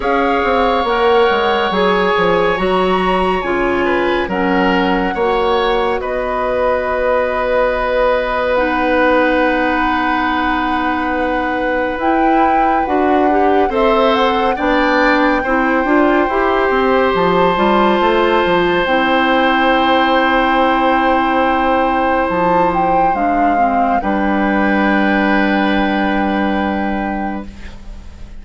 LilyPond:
<<
  \new Staff \with { instrumentName = "flute" } { \time 4/4 \tempo 4 = 70 f''4 fis''4 gis''4 ais''4 | gis''4 fis''2 dis''4~ | dis''2 fis''2~ | fis''2 g''4 fis''4 |
e''8 fis''8 g''2. | a''2 g''2~ | g''2 a''8 g''8 f''4 | g''1 | }
  \new Staff \with { instrumentName = "oboe" } { \time 4/4 cis''1~ | cis''8 b'8 ais'4 cis''4 b'4~ | b'1~ | b'1 |
c''4 d''4 c''2~ | c''1~ | c''1 | b'1 | }
  \new Staff \with { instrumentName = "clarinet" } { \time 4/4 gis'4 ais'4 gis'4 fis'4 | f'4 cis'4 fis'2~ | fis'2 dis'2~ | dis'2 e'4 fis'8 g'8 |
a'4 d'4 e'8 f'8 g'4~ | g'8 f'4. e'2~ | e'2. d'8 c'8 | d'1 | }
  \new Staff \with { instrumentName = "bassoon" } { \time 4/4 cis'8 c'8 ais8 gis8 fis8 f8 fis4 | cis4 fis4 ais4 b4~ | b1~ | b2 e'4 d'4 |
c'4 b4 c'8 d'8 e'8 c'8 | f8 g8 a8 f8 c'2~ | c'2 f4 gis4 | g1 | }
>>